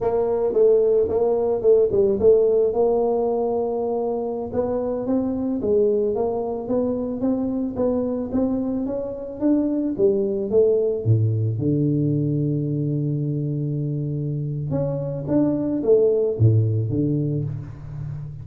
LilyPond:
\new Staff \with { instrumentName = "tuba" } { \time 4/4 \tempo 4 = 110 ais4 a4 ais4 a8 g8 | a4 ais2.~ | ais16 b4 c'4 gis4 ais8.~ | ais16 b4 c'4 b4 c'8.~ |
c'16 cis'4 d'4 g4 a8.~ | a16 a,4 d2~ d8.~ | d2. cis'4 | d'4 a4 a,4 d4 | }